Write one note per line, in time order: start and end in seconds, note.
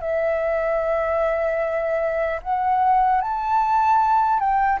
0.00 2.40 E5
2.42 3.21 F#5
3.21 4.39 A5
4.39 4.79 G5